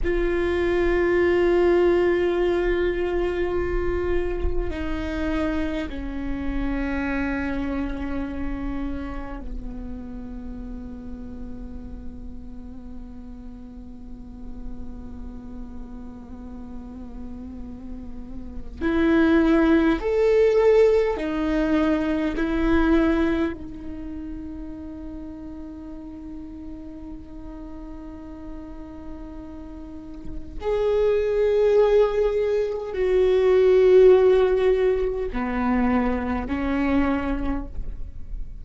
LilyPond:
\new Staff \with { instrumentName = "viola" } { \time 4/4 \tempo 4 = 51 f'1 | dis'4 cis'2. | b1~ | b1 |
e'4 a'4 dis'4 e'4 | dis'1~ | dis'2 gis'2 | fis'2 b4 cis'4 | }